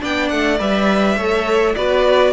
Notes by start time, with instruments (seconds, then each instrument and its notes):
0.00 cello B3, viola D4, violin D5 G5
0.28 cello A3, violin F#5
0.58 cello G3, viola B4, violin E5
1.16 cello A3, viola A4, violin C#5
1.75 cello B3, viola F#4, violin B4 D5